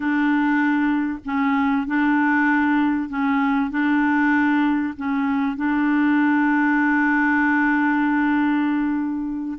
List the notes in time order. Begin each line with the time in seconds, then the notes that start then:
0.00 D4
1.25 C#4
1.87 D4
3.09 C#4
3.70 D4
4.97 C#4
5.56 D4